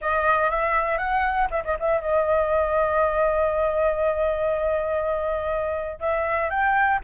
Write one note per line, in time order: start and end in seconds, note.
0.01 0.50 D#5
0.50 0.97 E5
0.97 1.47 F#5
1.50 1.63 E5
1.64 1.77 D#5
1.79 2.00 E5
2.00 6.00 D#5
6.00 6.50 E5
6.50 7.00 G5